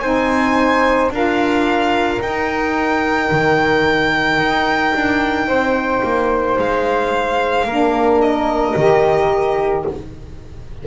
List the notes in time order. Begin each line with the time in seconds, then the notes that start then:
0.00 C4 D#4 C5 G#5
1.10 D4 F4 A#4 F5
2.20 D#4 G5
3.31 D#3
4.38 D#4
4.94 D4
5.47 C4 C5
6.03 A#3
6.58 G#3 F5
7.65 A#3 D4 A#4
8.20 D#5
8.76 D#3 G4